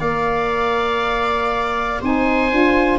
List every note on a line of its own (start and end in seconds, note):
0.00 2.00 A#3
0.00 2.01 A#4
0.00 2.00 D5
0.00 2.01 F5
2.01 2.52 C4
2.01 2.51 D#4
2.01 2.99 C5
2.01 2.99 G#5
2.51 2.99 D4
2.51 2.99 F4